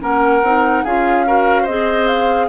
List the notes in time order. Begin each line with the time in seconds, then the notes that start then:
0.00 A#3 C#4 A#4 F#5
0.43 C4 D#4
0.84 C#4 F4 G#4 F5
1.26 F#4 A#4
1.62 C4 G#4 C5 D#5
2.08 F5